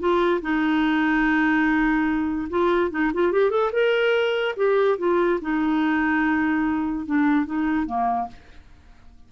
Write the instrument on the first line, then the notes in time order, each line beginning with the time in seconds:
clarinet
0.00 F4
0.42 D#4
2.50 F4
2.91 D#4
3.14 F4
3.32 G4
3.51 A4
3.73 A#4
4.57 G4
4.99 F4
5.42 D#4
7.06 D4
7.46 D#4
7.86 A#3